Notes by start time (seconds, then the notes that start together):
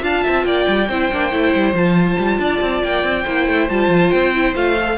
0.00 D4 F4 F5 A5
0.23 C4 E5
0.45 A#3 D5 G5
0.68 G3
0.89 C4 E4 C5
1.12 A#3 D4
1.31 A3 E4
1.55 G3
1.74 F3 F4 A5
2.19 G3
2.39 D4 D5
2.61 C4
2.83 A#3 G5
3.03 C4
3.23 A#3 E4 C5
3.47 A3
3.69 G3 F4 A5
3.88 F3
4.11 C4 G5
4.34 E4
4.55 A3 F4 F5
4.80 A4